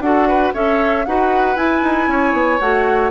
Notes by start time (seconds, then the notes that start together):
0.00 D4 F#4 A4 F#5
0.28 B4
0.53 C#4 A4 C#5 E5
1.05 D#4 F#4 B4 F#5
1.56 E4 G#5
1.83 D#4
2.07 C#4 C#5
2.33 B3
2.59 A3 F#4 F#5